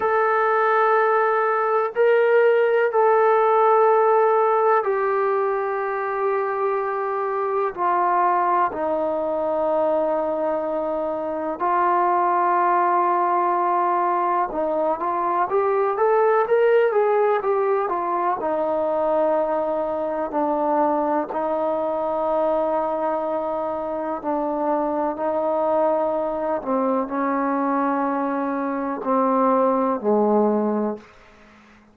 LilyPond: \new Staff \with { instrumentName = "trombone" } { \time 4/4 \tempo 4 = 62 a'2 ais'4 a'4~ | a'4 g'2. | f'4 dis'2. | f'2. dis'8 f'8 |
g'8 a'8 ais'8 gis'8 g'8 f'8 dis'4~ | dis'4 d'4 dis'2~ | dis'4 d'4 dis'4. c'8 | cis'2 c'4 gis4 | }